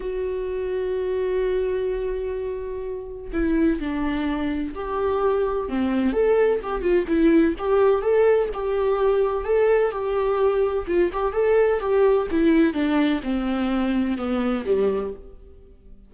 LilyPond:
\new Staff \with { instrumentName = "viola" } { \time 4/4 \tempo 4 = 127 fis'1~ | fis'2. e'4 | d'2 g'2 | c'4 a'4 g'8 f'8 e'4 |
g'4 a'4 g'2 | a'4 g'2 f'8 g'8 | a'4 g'4 e'4 d'4 | c'2 b4 g4 | }